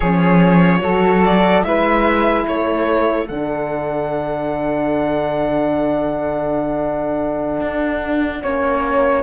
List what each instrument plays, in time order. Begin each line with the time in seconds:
0.00 cello F3, horn C#4, flute G#4, violin C#5
0.81 cello F#3, horn F#4, flute A4
1.24 violin D5
1.63 cello G#3, horn E4, flute B4, violin E5
2.42 cello A3, flute A4, violin C#5
3.28 cello D3, horn D4, violin F#5
7.60 cello D4
8.42 cello A#3, horn C#4, flute C#5